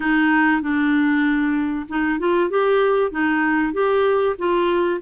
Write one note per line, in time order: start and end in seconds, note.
0.00 0.61 D#4
0.61 1.86 D4
1.88 2.19 D#4
2.19 2.50 F4
2.50 3.11 G4
3.11 3.73 D#4
3.73 4.36 G4
4.38 5.01 F4